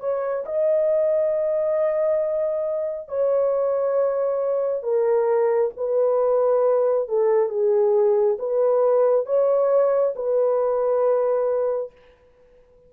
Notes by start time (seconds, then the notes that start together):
0.00 C#5
0.45 D#5
3.08 C#5
4.82 A#4
5.76 B4
7.08 A4
7.49 G#4
8.38 B4
9.26 C#5
10.15 B4